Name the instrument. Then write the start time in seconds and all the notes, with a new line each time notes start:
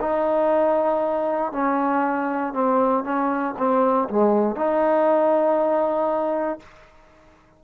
trombone
0.00 D#4
1.52 C#4
2.53 C4
3.04 C#4
3.58 C4
4.09 G#3
4.56 D#4